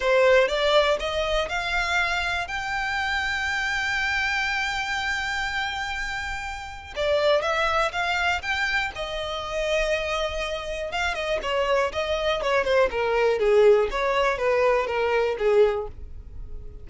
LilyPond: \new Staff \with { instrumentName = "violin" } { \time 4/4 \tempo 4 = 121 c''4 d''4 dis''4 f''4~ | f''4 g''2.~ | g''1~ | g''2 d''4 e''4 |
f''4 g''4 dis''2~ | dis''2 f''8 dis''8 cis''4 | dis''4 cis''8 c''8 ais'4 gis'4 | cis''4 b'4 ais'4 gis'4 | }